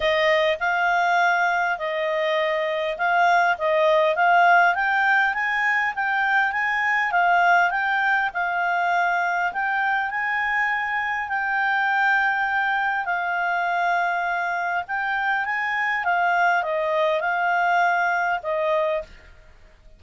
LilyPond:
\new Staff \with { instrumentName = "clarinet" } { \time 4/4 \tempo 4 = 101 dis''4 f''2 dis''4~ | dis''4 f''4 dis''4 f''4 | g''4 gis''4 g''4 gis''4 | f''4 g''4 f''2 |
g''4 gis''2 g''4~ | g''2 f''2~ | f''4 g''4 gis''4 f''4 | dis''4 f''2 dis''4 | }